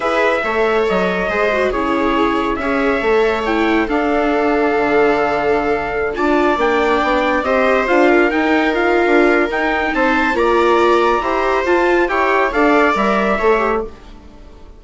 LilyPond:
<<
  \new Staff \with { instrumentName = "trumpet" } { \time 4/4 \tempo 4 = 139 e''2 dis''2 | cis''2 e''2 | g''4 f''2.~ | f''2~ f''16 a''4 g''8.~ |
g''4~ g''16 dis''4 f''4 g''8.~ | g''16 f''4.~ f''16 g''4 a''4 | ais''2. a''4 | g''4 f''4 e''2 | }
  \new Staff \with { instrumentName = "viola" } { \time 4/4 b'4 cis''2 c''4 | gis'2 cis''2~ | cis''4 a'2.~ | a'2~ a'16 d''4.~ d''16~ |
d''4~ d''16 c''4. ais'4~ ais'16~ | ais'2. c''4 | d''2 c''2 | cis''4 d''2 cis''4 | }
  \new Staff \with { instrumentName = "viola" } { \time 4/4 gis'4 a'2 gis'8 fis'8 | e'2 gis'4 a'4 | e'4 d'2.~ | d'2~ d'16 f'4 d'8.~ |
d'4~ d'16 g'4 f'4 dis'8.~ | dis'16 f'4.~ f'16 dis'2 | f'2 g'4 f'4 | g'4 a'4 ais'4 a'8 g'8 | }
  \new Staff \with { instrumentName = "bassoon" } { \time 4/4 e'4 a4 fis4 gis4 | cis2 cis'4 a4~ | a4 d'2 d4~ | d2~ d16 d'4 ais8.~ |
ais16 b4 c'4 d'4 dis'8.~ | dis'4 d'4 dis'4 c'4 | ais2 e'4 f'4 | e'4 d'4 g4 a4 | }
>>